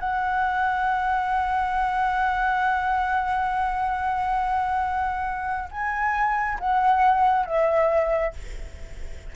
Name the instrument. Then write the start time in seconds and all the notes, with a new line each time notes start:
flute
0.00 F#5
5.71 G#5
6.60 F#5
7.46 E5